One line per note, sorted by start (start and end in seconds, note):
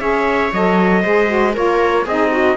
0.00 0.52 C#4
0.00 0.51 G#4
0.00 1.02 C#5
0.00 0.51 E5
0.53 1.04 F#3
0.53 1.04 A4
0.53 1.55 D#5
1.02 1.57 G#3
1.02 1.28 G#4
1.02 1.54 C5
1.28 1.53 F#4
1.54 2.06 A#3
1.54 2.05 F4
1.54 2.05 A#4
1.54 2.07 C#5
2.05 2.57 C4
2.05 2.57 D#4
2.05 2.31 G#4
2.05 2.57 D#5
2.32 2.57 F#4